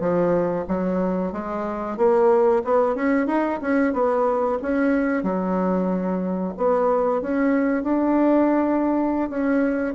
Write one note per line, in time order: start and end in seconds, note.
0.00 0.65 F3
0.68 1.33 F#3
1.33 1.97 G#3
1.97 2.63 A#3
2.64 2.95 B3
2.95 3.27 C#4
3.27 3.60 D#4
3.62 3.93 C#4
3.93 4.58 B3
4.62 5.23 C#4
5.23 6.54 F#3
6.58 7.22 B3
7.22 7.83 C#4
7.83 9.30 D4
9.30 9.95 C#4